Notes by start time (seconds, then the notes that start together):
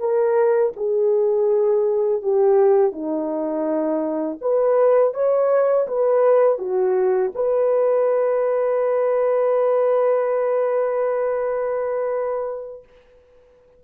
0.00 A#4
0.77 G#4
2.23 G4
2.92 D#4
4.42 B4
5.14 C#5
5.88 B4
6.59 F#4
7.35 B4